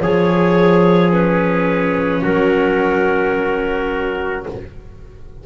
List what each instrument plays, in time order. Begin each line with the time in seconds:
0.00 double bass F3, trumpet G#4, viola G#4, clarinet C#5
1.10 viola C#4, clarinet B4
2.22 double bass F#3, trumpet F#4, clarinet A#4